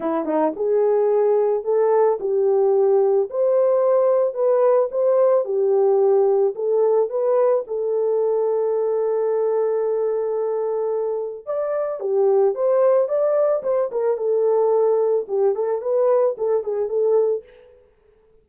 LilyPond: \new Staff \with { instrumentName = "horn" } { \time 4/4 \tempo 4 = 110 e'8 dis'8 gis'2 a'4 | g'2 c''2 | b'4 c''4 g'2 | a'4 b'4 a'2~ |
a'1~ | a'4 d''4 g'4 c''4 | d''4 c''8 ais'8 a'2 | g'8 a'8 b'4 a'8 gis'8 a'4 | }